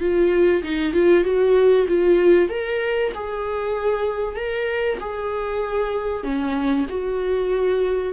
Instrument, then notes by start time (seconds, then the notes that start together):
viola
0.00 F4
0.63 D#4
0.93 F4
1.24 F#4
1.88 F4
2.49 A#4
3.14 G#4
4.36 A#4
5.00 G#4
6.24 C#4
6.89 F#4